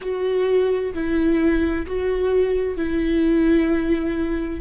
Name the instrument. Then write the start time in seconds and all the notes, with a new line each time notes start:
viola
0.01 F#4
0.94 E4
1.86 F#4
2.76 E4